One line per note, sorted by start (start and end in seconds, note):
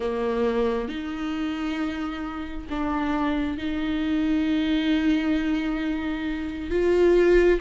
0.00 0.88 A#3
0.88 2.67 D#4
2.69 3.57 D4
3.57 6.70 D#4
6.70 7.60 F4